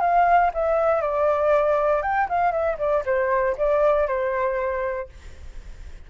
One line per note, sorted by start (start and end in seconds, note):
0.00 0.51 F5
0.54 1.01 E5
1.01 2.02 D5
2.02 2.28 G5
2.29 2.52 F5
2.52 2.77 E5
2.78 3.04 D5
3.06 3.56 C5
3.57 4.07 D5
4.07 5.09 C5